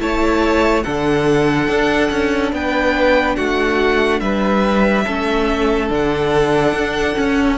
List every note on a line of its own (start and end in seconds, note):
0.00 0.85 A3
0.00 0.85 E4
0.00 0.85 C#5
0.00 0.84 A5
0.84 1.69 D3
0.84 5.07 D4
0.84 2.54 A4
0.84 2.53 F#5
1.69 2.11 D4
2.11 2.53 C#4
2.53 3.37 B3
2.53 3.37 B4
2.53 3.36 G5
3.36 4.21 A3
3.36 4.21 F#4
3.36 4.20 F#5
4.20 5.05 G3
4.20 5.05 B4
4.20 5.89 E5
5.05 5.91 A3
5.05 5.90 C#4
5.05 7.58 A4
5.90 6.73 D3
5.90 7.16 D4
5.90 7.58 F#5
6.73 7.15 D4
7.16 7.58 C#4